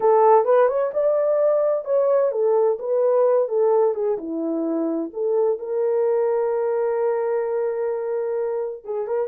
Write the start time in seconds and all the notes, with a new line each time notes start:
0.00 A4
0.45 B4
0.67 C#5
0.93 D5
1.85 C#5
2.31 A4
2.79 B4
3.48 A4
3.94 G#4
4.18 E4
5.13 A4
5.59 A#4
8.84 G#4
9.07 A#4